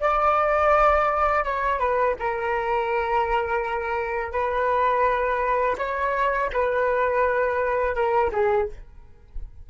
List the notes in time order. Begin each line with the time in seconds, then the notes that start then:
0.00 D5
1.44 C#5
1.79 B4
2.19 A#4
4.32 B4
5.78 C#5
6.53 B4
7.95 A#4
8.32 G#4